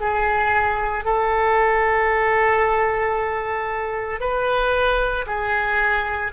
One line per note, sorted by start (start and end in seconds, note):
0.00 1.04 G#4
1.04 4.20 A4
4.20 5.25 B4
5.26 6.32 G#4